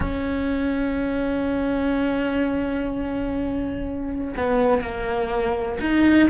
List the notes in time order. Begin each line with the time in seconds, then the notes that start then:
0.00 C#4
4.36 B3
4.81 A#3
5.80 D#4